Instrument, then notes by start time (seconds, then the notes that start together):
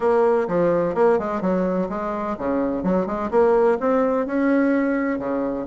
bassoon
0.00 A#3
0.47 F3
0.94 A#3
1.18 G#3
1.41 F#3
1.89 G#3
2.38 C#3
2.83 F#3
3.06 G#3
3.30 A#3
3.79 C4
4.26 C#4
5.18 C#3